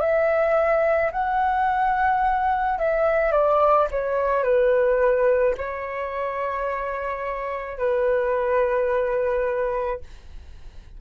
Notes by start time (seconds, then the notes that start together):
0.00 E5
1.12 F#5
2.79 E5
3.32 D5
3.91 C#5
4.43 B4
5.57 C#5
7.78 B4